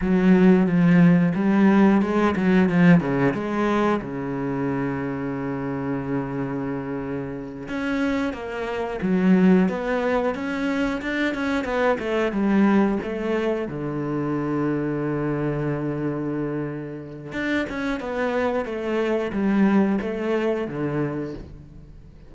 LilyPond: \new Staff \with { instrumentName = "cello" } { \time 4/4 \tempo 4 = 90 fis4 f4 g4 gis8 fis8 | f8 cis8 gis4 cis2~ | cis2.~ cis8 cis'8~ | cis'8 ais4 fis4 b4 cis'8~ |
cis'8 d'8 cis'8 b8 a8 g4 a8~ | a8 d2.~ d8~ | d2 d'8 cis'8 b4 | a4 g4 a4 d4 | }